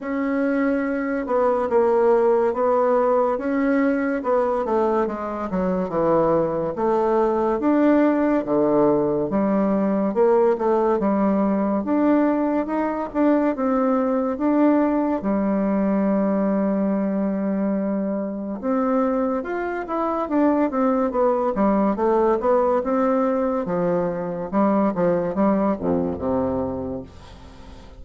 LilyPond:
\new Staff \with { instrumentName = "bassoon" } { \time 4/4 \tempo 4 = 71 cis'4. b8 ais4 b4 | cis'4 b8 a8 gis8 fis8 e4 | a4 d'4 d4 g4 | ais8 a8 g4 d'4 dis'8 d'8 |
c'4 d'4 g2~ | g2 c'4 f'8 e'8 | d'8 c'8 b8 g8 a8 b8 c'4 | f4 g8 f8 g8 f,8 c4 | }